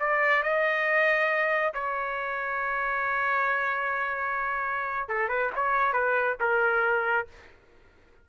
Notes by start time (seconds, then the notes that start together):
0.00 D5
0.43 D#5
1.74 C#5
5.09 A4
5.29 B4
5.56 C#5
5.93 B4
6.41 A#4